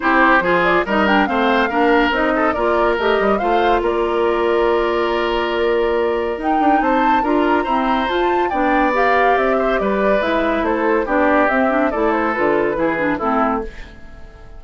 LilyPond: <<
  \new Staff \with { instrumentName = "flute" } { \time 4/4 \tempo 4 = 141 c''4. d''8 dis''8 g''8 f''4~ | f''4 dis''4 d''4 dis''4 | f''4 d''2.~ | d''2. g''4 |
a''4 ais''2 a''4 | g''4 f''4 e''4 d''4 | e''4 c''4 d''4 e''4 | d''8 c''8 b'2 a'4 | }
  \new Staff \with { instrumentName = "oboe" } { \time 4/4 g'4 gis'4 ais'4 c''4 | ais'4. a'8 ais'2 | c''4 ais'2.~ | ais'1 |
c''4 ais'4 c''2 | d''2~ d''8 c''8 b'4~ | b'4 a'4 g'2 | a'2 gis'4 e'4 | }
  \new Staff \with { instrumentName = "clarinet" } { \time 4/4 e'4 f'4 dis'8 d'8 c'4 | d'4 dis'4 f'4 g'4 | f'1~ | f'2. dis'4~ |
dis'4 f'4 c'4 f'4 | d'4 g'2. | e'2 d'4 c'8 d'8 | e'4 f'4 e'8 d'8 c'4 | }
  \new Staff \with { instrumentName = "bassoon" } { \time 4/4 c'4 f4 g4 a4 | ais4 c'4 ais4 a8 g8 | a4 ais2.~ | ais2. dis'8 d'8 |
c'4 d'4 e'4 f'4 | b2 c'4 g4 | gis4 a4 b4 c'4 | a4 d4 e4 a4 | }
>>